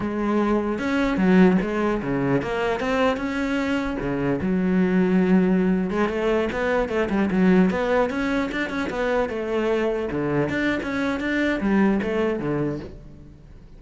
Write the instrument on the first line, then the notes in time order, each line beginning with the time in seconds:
cello
0.00 G#3
0.78 C#4
1.17 F#3
1.61 G#3
2.01 C#3
2.42 A#3
2.80 C4
3.17 C#4
3.99 C#3
4.41 F#3
5.90 G#3
6.08 A3
6.52 B3
6.89 A3
7.09 G3
7.31 F#3
7.70 B3
8.09 C#4
8.51 D4
8.69 C#4
8.89 B3
9.29 A3
10.11 D3
10.49 D4
10.82 C#4
11.20 D4
11.60 G3
12.02 A3
12.39 D3